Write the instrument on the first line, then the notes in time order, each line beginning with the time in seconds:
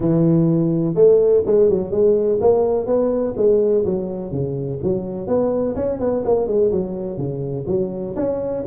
tuba
0.00 E3
0.94 A3
1.46 G#3
1.69 F#3
1.91 G#3
2.40 A#3
2.86 B3
3.36 G#3
3.85 F#3
4.31 C#3
4.83 F#3
5.27 B3
5.75 C#4
5.99 B3
6.24 A#3
6.47 G#3
6.71 F#3
7.17 C#3
7.67 F#3
8.16 C#4